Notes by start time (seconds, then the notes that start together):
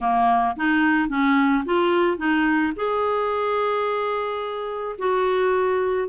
0.01 A#3
0.56 D#4
1.08 C#4
1.65 F4
2.17 D#4
2.75 G#4
4.98 F#4